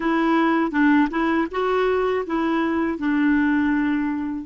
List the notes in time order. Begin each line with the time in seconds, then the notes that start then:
0.00 E4
0.71 D4
1.10 E4
1.51 F#4
2.26 E4
2.98 D4